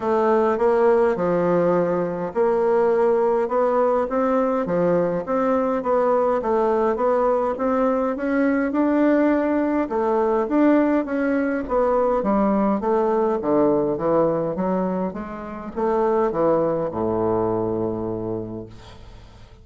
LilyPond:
\new Staff \with { instrumentName = "bassoon" } { \time 4/4 \tempo 4 = 103 a4 ais4 f2 | ais2 b4 c'4 | f4 c'4 b4 a4 | b4 c'4 cis'4 d'4~ |
d'4 a4 d'4 cis'4 | b4 g4 a4 d4 | e4 fis4 gis4 a4 | e4 a,2. | }